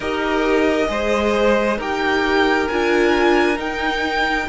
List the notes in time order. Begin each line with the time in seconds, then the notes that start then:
0.00 D#4 G4 A#4 D#5
0.87 G#3 G#4 C5
1.78 D#4 G4 A#4 G5
2.68 D4 F4 G#5
3.56 D#4 G5